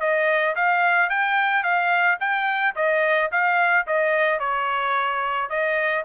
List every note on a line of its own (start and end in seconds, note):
0.00 0.55 D#5
0.56 1.10 F5
1.10 1.63 G5
1.63 2.18 F5
2.20 2.75 G5
2.76 3.31 D#5
3.32 3.87 F5
3.87 4.39 D#5
4.39 5.49 C#5
5.49 6.05 D#5